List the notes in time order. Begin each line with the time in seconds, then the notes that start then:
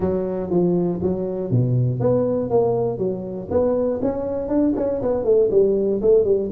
0.00 F#3
0.50 F3
1.02 F#3
1.50 B2
2.00 B3
2.50 A#3
2.98 F#3
3.50 B3
4.01 C#4
4.48 D4
4.76 C#4
5.02 B3
5.24 A3
5.50 G3
6.01 A3
6.24 G3